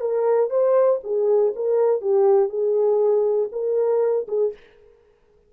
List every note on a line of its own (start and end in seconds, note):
0.00 0.50 A#4
0.50 1.00 C5
1.03 1.53 G#4
1.55 2.01 A#4
2.01 2.49 G4
2.49 3.49 G#4
3.52 4.27 A#4
4.28 4.53 G#4